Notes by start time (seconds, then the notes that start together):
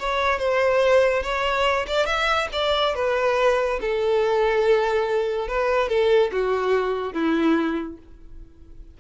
0.00 C#5
0.39 C5
1.23 C#5
1.88 D5
2.06 E5
2.53 D5
2.95 B4
3.81 A4
5.49 B4
5.89 A4
6.32 F#4
7.14 E4